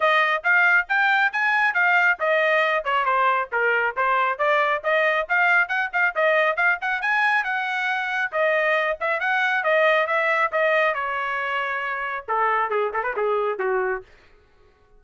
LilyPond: \new Staff \with { instrumentName = "trumpet" } { \time 4/4 \tempo 4 = 137 dis''4 f''4 g''4 gis''4 | f''4 dis''4. cis''8 c''4 | ais'4 c''4 d''4 dis''4 | f''4 fis''8 f''8 dis''4 f''8 fis''8 |
gis''4 fis''2 dis''4~ | dis''8 e''8 fis''4 dis''4 e''4 | dis''4 cis''2. | a'4 gis'8 a'16 b'16 gis'4 fis'4 | }